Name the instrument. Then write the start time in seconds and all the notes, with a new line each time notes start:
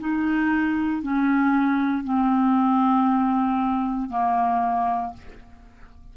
clarinet
0.00 D#4
1.03 C#4
2.04 C4
4.10 A#3